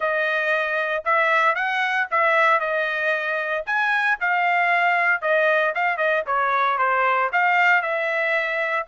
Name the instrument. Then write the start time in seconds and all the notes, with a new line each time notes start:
trumpet
0.00 D#5
1.05 E5
1.55 F#5
2.10 E5
2.60 D#5
3.66 G#5
4.20 F5
5.21 D#5
5.74 F5
5.97 D#5
6.26 C#5
6.78 C5
7.32 F5
7.82 E5